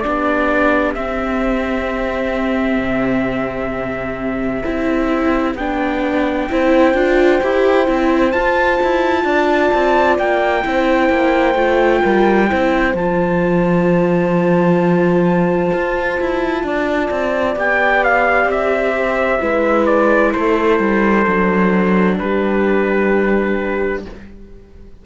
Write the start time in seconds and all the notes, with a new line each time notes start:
0.00 D4 G4 D5
0.07 B3
0.95 C4 E5
2.78 C3
4.65 C4 E4
5.55 B3 D4 G5
6.50 C4 E4 C5
6.94 D4 F4
7.43 E4 G4
7.86 C4 E4
8.32 F4 A5
8.83 E4
9.24 D4 D5
9.74 C4
10.19 A#3 G5
10.63 C4 E4 C5
11.09 A#3
11.55 A3 F4
12.02 G3 A#4
12.49 C4 E4 C5
12.94 F3 F4 A5
15.73 F4
16.20 E4
16.63 D4 D5
17.11 C4
17.56 B3 G4 G5
18.04 F5
18.45 C4 E5
18.97 C5
19.40 G#3 E4 B4
19.86 D5
20.33 A3 A4 C5
20.80 G3
21.27 F#3 D4
22.18 G3 G4 B4